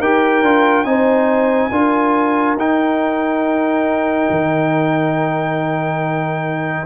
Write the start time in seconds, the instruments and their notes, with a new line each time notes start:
0.00 tuba D#4, trombone G4, horn A#4, trumpet G5
0.43 tuba D4, trombone F4
0.85 tuba C4, trombone D#4, horn C5, trumpet G#5
1.71 tuba D4, trombone F4, horn A#4
2.56 tuba D#4, trombone D#4, trumpet G5
4.31 tuba D#3